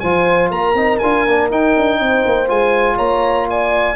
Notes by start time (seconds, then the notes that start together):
0.00 F3 F4 C5 G#5
0.51 A#3 A#4 A#5
0.74 C4 D#4
0.99 D4 F4 G#5
1.27 A#3 D4
1.51 D#4 G5
1.77 D4
2.00 C4 C5
2.26 A#3
2.48 G#3 F4 G#5
2.96 A#3 C#5 A#5
3.49 D5 G#5